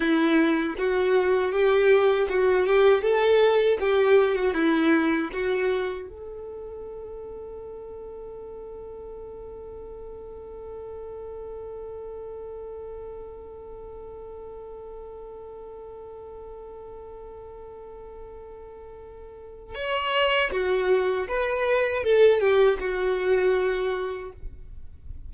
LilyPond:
\new Staff \with { instrumentName = "violin" } { \time 4/4 \tempo 4 = 79 e'4 fis'4 g'4 fis'8 g'8 | a'4 g'8. fis'16 e'4 fis'4 | a'1~ | a'1~ |
a'1~ | a'1~ | a'2 cis''4 fis'4 | b'4 a'8 g'8 fis'2 | }